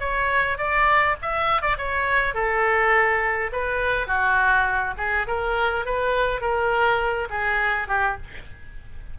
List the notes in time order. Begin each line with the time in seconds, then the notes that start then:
0.00 C#5
0.58 D5
1.22 E5
1.62 D5
1.78 C#5
2.35 A4
3.53 B4
4.07 F#4
4.98 G#4
5.28 A#4
5.86 B4
6.41 A#4
7.31 G#4
7.88 G4